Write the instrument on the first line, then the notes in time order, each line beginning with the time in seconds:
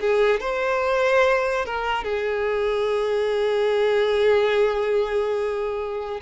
violin
0.00 G#4
0.40 C5
1.65 A#4
2.04 G#4